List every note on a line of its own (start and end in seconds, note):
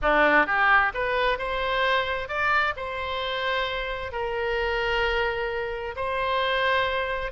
0.02 0.46 D4
0.46 0.92 G4
0.93 1.38 B4
1.38 2.28 C5
2.28 2.74 D5
2.76 4.12 C5
4.12 5.95 A#4
5.95 7.31 C5